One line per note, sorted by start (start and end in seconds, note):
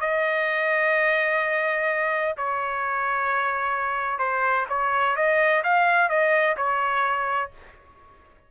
0.00 2.34 D#5
2.37 4.18 C#5
4.18 4.65 C5
4.69 5.16 C#5
5.16 5.62 D#5
5.63 6.09 F5
6.09 6.56 D#5
6.56 7.50 C#5